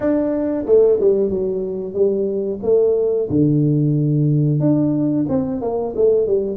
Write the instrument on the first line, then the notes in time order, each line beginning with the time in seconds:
tuba
0.00 D4
0.66 A3
1.00 G3
1.29 F#3
1.93 G3
2.63 A3
3.29 D3
4.60 D4
5.28 C4
5.61 A#3
5.96 A3
6.26 G3